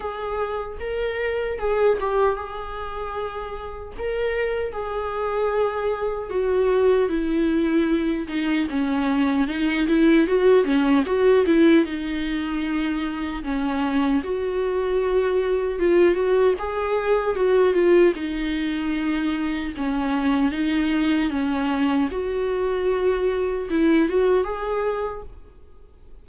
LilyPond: \new Staff \with { instrumentName = "viola" } { \time 4/4 \tempo 4 = 76 gis'4 ais'4 gis'8 g'8 gis'4~ | gis'4 ais'4 gis'2 | fis'4 e'4. dis'8 cis'4 | dis'8 e'8 fis'8 cis'8 fis'8 e'8 dis'4~ |
dis'4 cis'4 fis'2 | f'8 fis'8 gis'4 fis'8 f'8 dis'4~ | dis'4 cis'4 dis'4 cis'4 | fis'2 e'8 fis'8 gis'4 | }